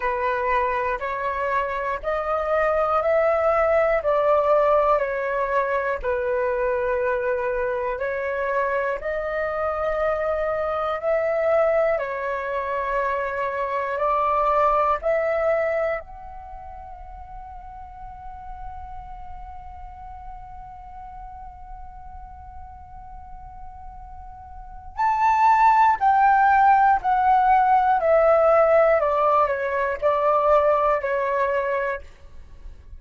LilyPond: \new Staff \with { instrumentName = "flute" } { \time 4/4 \tempo 4 = 60 b'4 cis''4 dis''4 e''4 | d''4 cis''4 b'2 | cis''4 dis''2 e''4 | cis''2 d''4 e''4 |
fis''1~ | fis''1~ | fis''4 a''4 g''4 fis''4 | e''4 d''8 cis''8 d''4 cis''4 | }